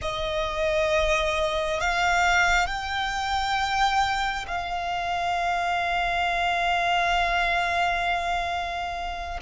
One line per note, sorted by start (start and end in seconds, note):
0.01 1.80 D#5
1.80 2.66 F5
2.66 4.45 G5
4.47 9.40 F5